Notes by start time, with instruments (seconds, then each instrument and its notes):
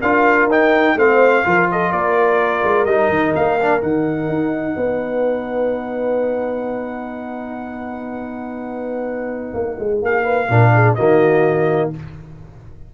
0.00 tuba D4, trombone F4, horn A#4, trumpet F5
0.47 tuba D#4, trombone D#4, trumpet G5
0.95 tuba A3, trombone C4, horn C5, trumpet F5
1.44 tuba F3, trombone F4, horn A#4
1.71 horn A4, trumpet D#5
1.91 tuba A#3, horn A#4, trumpet D5
2.63 tuba G#3
2.85 tuba G3, trombone D#4, trumpet D#5
3.09 tuba D#3
3.35 tuba A#3, trumpet F5
3.60 trombone D4
3.80 tuba D#3, trombone D#4, trumpet F#5
4.28 tuba D#4
4.76 tuba B3, horn B4
9.53 tuba A#3
9.79 tuba G#3
10.02 tuba A#3, horn G#4, trumpet F5
10.23 horn B4
10.49 tuba A#2, trombone D4, horn A#4
10.73 horn G#4
10.95 tuba D#3, trombone A#3, horn F#4, trumpet D#5